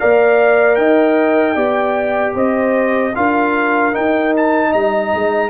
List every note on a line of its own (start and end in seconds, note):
0.00 0.77 A#3
0.00 1.55 A#4
0.00 0.79 D5
0.00 0.75 F5
0.75 1.56 D#4
0.75 1.55 D#5
0.75 2.33 G5
1.55 2.35 B3
1.55 3.13 G4
1.55 2.34 D5
2.35 3.14 C4
2.35 3.13 C5
2.35 3.16 D#5
3.15 3.96 D4
3.15 3.92 F4
3.15 4.70 A#4
3.15 3.95 F5
3.92 5.50 D#4
3.92 4.74 D#4
3.92 4.34 G5
4.37 4.73 A5
4.70 5.13 G3
4.70 5.49 D#5
4.70 5.50 A#5
5.14 5.50 G#3